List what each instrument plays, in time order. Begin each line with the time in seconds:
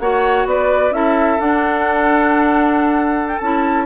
0.00 bassoon A#3, clarinet F#4, oboe C#5, flute F#5
0.45 bassoon B3, oboe B4, flute D5
0.91 bassoon C#4, clarinet E4, oboe A4, flute E5
1.40 clarinet D4, bassoon D4, flute F#5
3.28 flute G5
3.38 bassoon C#4, clarinet E4, flute A5